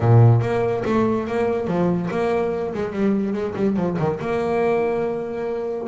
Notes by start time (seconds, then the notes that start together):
0.00 A#2
0.41 A#3
0.85 A3
1.27 A#3
1.67 F3
2.10 A#3
2.74 G#3
2.92 G3
3.33 G#3
3.55 G3
3.76 F3
3.98 D#3
4.20 A#3